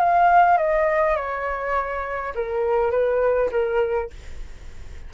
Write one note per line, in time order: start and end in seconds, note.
0.00 0.58 F5
0.58 1.17 D#5
1.17 2.34 C#5
2.36 2.92 A#4
2.92 3.51 B4
3.52 4.11 A#4